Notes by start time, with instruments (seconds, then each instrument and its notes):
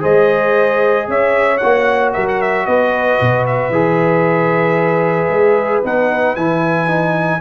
0.00 tuba G#3, trombone G#4, horn C5, trumpet D#5
1.08 tuba C#4, horn C#5, trumpet E5
1.57 tuba A#3, trombone F#4, trumpet F#5
2.13 tuba F#3, horn A#4, trumpet E5
2.28 trumpet F#5
2.41 trumpet E5
2.66 tuba B3, horn B4, trumpet D#5
3.20 tuba B2
3.46 trumpet E5
3.70 tuba E3, trombone G#4
5.29 tuba G#3
5.83 tuba B3, trombone D#4, trumpet F#5
6.35 tuba E3, trombone E4, trumpet G#5
6.87 trombone D#4